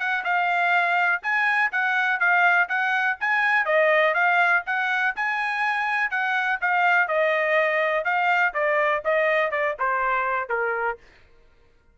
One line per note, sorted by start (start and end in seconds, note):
0.00 0.24 F#5
0.25 1.22 F5
1.23 1.72 G#5
1.72 2.20 F#5
2.20 2.69 F5
2.69 3.18 F#5
3.21 3.66 G#5
3.66 4.15 D#5
4.15 4.64 F5
4.67 5.16 F#5
5.16 6.11 G#5
6.11 6.60 F#5
6.61 7.08 F5
7.08 8.05 D#5
8.05 8.54 F5
8.54 9.03 D5
9.05 9.51 D#5
9.51 9.76 D5
9.80 10.50 C5
10.50 10.98 A#4